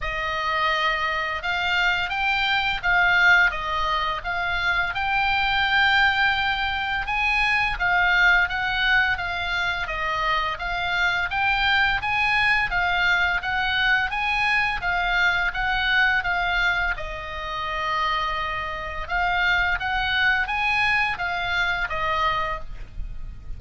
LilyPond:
\new Staff \with { instrumentName = "oboe" } { \time 4/4 \tempo 4 = 85 dis''2 f''4 g''4 | f''4 dis''4 f''4 g''4~ | g''2 gis''4 f''4 | fis''4 f''4 dis''4 f''4 |
g''4 gis''4 f''4 fis''4 | gis''4 f''4 fis''4 f''4 | dis''2. f''4 | fis''4 gis''4 f''4 dis''4 | }